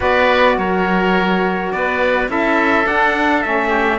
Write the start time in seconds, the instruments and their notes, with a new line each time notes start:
0.00 cello B3, saxophone F#4, oboe B4, trumpet D5
0.57 cello F#3, oboe A#4, trumpet C#5
1.72 cello B3, oboe B4, trumpet D5
2.27 cello C#4, saxophone E4, oboe A4, trumpet E5
2.83 saxophone D4, cello D4, trumpet F#5
3.42 cello A3, saxophone C#4, trumpet E5
3.68 oboe G4